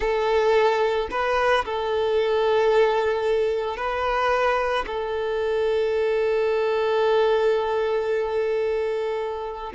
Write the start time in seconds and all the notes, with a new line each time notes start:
0.00 A4
1.11 B4
1.65 A4
3.77 B4
4.86 A4